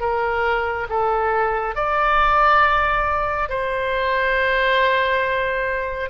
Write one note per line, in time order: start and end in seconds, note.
0.00 0.87 A#4
0.89 1.75 A4
1.75 3.49 D5
3.49 6.09 C5